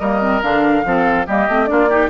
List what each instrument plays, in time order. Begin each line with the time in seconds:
0.00 bassoon G3, clarinet A#3, oboe A#4, flute D#5
0.21 clarinet C4
0.43 bassoon D3, clarinet D4, flute F5
0.85 bassoon F3, clarinet C4, oboe A4
1.27 bassoon G3, clarinet A#3, oboe G4, flute D#5
1.49 bassoon A3, clarinet C4
1.67 bassoon A#3, clarinet D4, oboe F4, flute D5
1.90 clarinet D#4, oboe G4